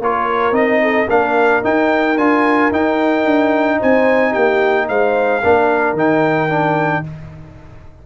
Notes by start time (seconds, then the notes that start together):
0.00 A#3 F4 A#4 C#5
0.52 C4 D#4 D#5
0.82 A4
1.08 A#3 D4 A#4 F5
1.63 D#4 G5
2.17 D4 F4 G#5
2.71 D#4 G5
3.25 D4
3.79 C4 C5 G#5
4.31 A#3 G4 G5
4.88 G#3 C5 F5
5.43 A#3 D4 A#4
5.93 D#3 D#4 G5
6.49 D4